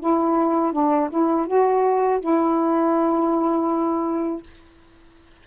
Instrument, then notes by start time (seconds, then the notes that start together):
saxophone
0.00 E4
0.72 D4
1.10 E4
1.47 F#4
2.21 E4